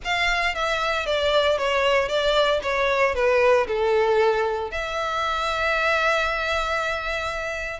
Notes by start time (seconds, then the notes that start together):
0.04 F5
0.55 E5
1.06 D5
1.58 C#5
2.08 D5
2.62 C#5
3.14 B4
3.67 A4
4.71 E5